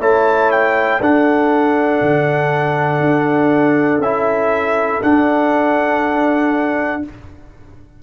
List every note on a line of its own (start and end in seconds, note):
0.00 1.00 A3
0.00 1.01 E4
0.00 1.01 C#5
0.00 0.51 A5
0.51 1.01 G5
1.01 2.01 D4
1.01 4.02 D4
1.01 7.02 A4
1.01 4.02 F#5
2.02 3.00 D3
3.00 3.99 D4
3.99 4.99 C#4
3.99 5.02 E4
3.99 5.02 E5
5.02 7.02 D4
5.02 7.03 D4
5.02 7.03 F#5